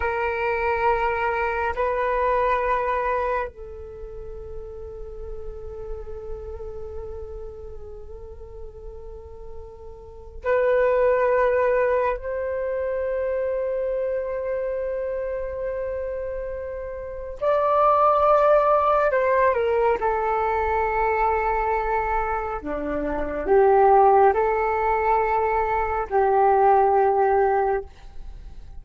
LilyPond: \new Staff \with { instrumentName = "flute" } { \time 4/4 \tempo 4 = 69 ais'2 b'2 | a'1~ | a'1 | b'2 c''2~ |
c''1 | d''2 c''8 ais'8 a'4~ | a'2 d'4 g'4 | a'2 g'2 | }